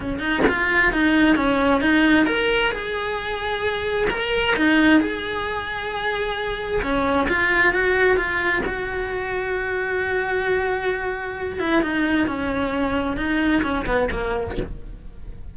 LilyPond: \new Staff \with { instrumentName = "cello" } { \time 4/4 \tempo 4 = 132 cis'8 dis'8 f'4 dis'4 cis'4 | dis'4 ais'4 gis'2~ | gis'4 ais'4 dis'4 gis'4~ | gis'2. cis'4 |
f'4 fis'4 f'4 fis'4~ | fis'1~ | fis'4. e'8 dis'4 cis'4~ | cis'4 dis'4 cis'8 b8 ais4 | }